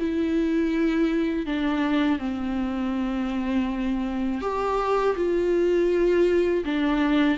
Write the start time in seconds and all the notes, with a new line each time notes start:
0.00 E4
1.46 D4
2.20 C4
4.42 G4
5.16 F4
6.65 D4